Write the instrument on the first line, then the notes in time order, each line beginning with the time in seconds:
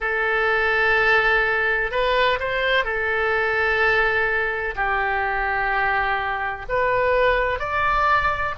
oboe
0.00 A4
1.91 B4
2.39 C5
2.84 A4
4.75 G4
6.68 B4
7.59 D5